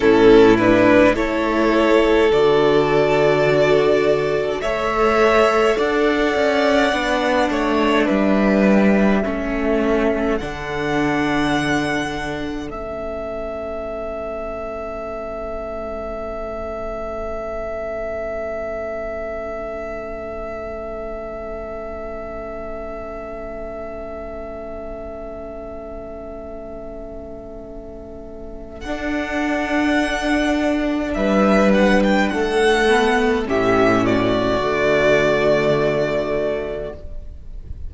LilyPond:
<<
  \new Staff \with { instrumentName = "violin" } { \time 4/4 \tempo 4 = 52 a'8 b'8 cis''4 d''2 | e''4 fis''2 e''4~ | e''4 fis''2 e''4~ | e''1~ |
e''1~ | e''1~ | e''4 fis''2 e''8 fis''16 g''16 | fis''4 e''8 d''2~ d''8 | }
  \new Staff \with { instrumentName = "violin" } { \time 4/4 e'4 a'2. | cis''4 d''4. cis''8 b'4 | a'1~ | a'1~ |
a'1~ | a'1~ | a'2. b'4 | a'4 g'8 fis'2~ fis'8 | }
  \new Staff \with { instrumentName = "viola" } { \time 4/4 cis'8 d'8 e'4 fis'2 | a'2 d'2 | cis'4 d'2 cis'4~ | cis'1~ |
cis'1~ | cis'1~ | cis'4 d'2.~ | d'8 b8 cis'4 a2 | }
  \new Staff \with { instrumentName = "cello" } { \time 4/4 a,4 a4 d2 | a4 d'8 cis'8 b8 a8 g4 | a4 d2 a4~ | a1~ |
a1~ | a1~ | a4 d'2 g4 | a4 a,4 d2 | }
>>